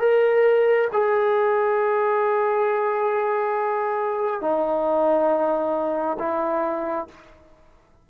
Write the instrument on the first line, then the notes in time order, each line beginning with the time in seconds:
trombone
0.00 A#4
0.93 G#4
4.41 D#4
6.19 E4